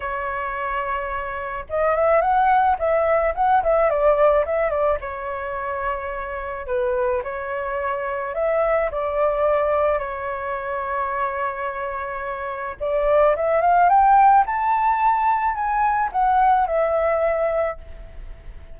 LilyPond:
\new Staff \with { instrumentName = "flute" } { \time 4/4 \tempo 4 = 108 cis''2. dis''8 e''8 | fis''4 e''4 fis''8 e''8 d''4 | e''8 d''8 cis''2. | b'4 cis''2 e''4 |
d''2 cis''2~ | cis''2. d''4 | e''8 f''8 g''4 a''2 | gis''4 fis''4 e''2 | }